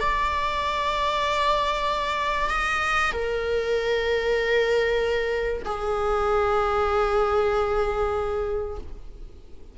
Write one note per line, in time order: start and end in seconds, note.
0.00 2.49 D5
2.49 3.12 D#5
3.12 5.62 A#4
5.65 8.78 G#4